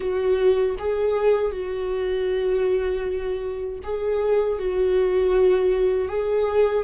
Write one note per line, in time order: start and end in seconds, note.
0.00 0.75 F#4
0.78 1.51 G#4
1.51 3.79 F#4
3.83 4.58 G#4
4.58 6.08 F#4
6.08 6.84 G#4